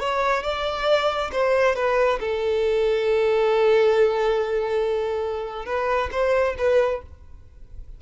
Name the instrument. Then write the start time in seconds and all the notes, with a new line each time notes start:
violin
0.00 C#5
0.43 D5
1.32 C5
1.76 B4
2.21 A4
5.66 B4
6.12 C5
6.59 B4